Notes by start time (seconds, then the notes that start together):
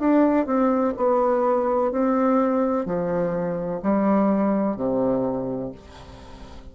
0.00 D4
0.46 C4
0.97 B3
1.92 C4
2.86 F3
3.83 G3
4.77 C3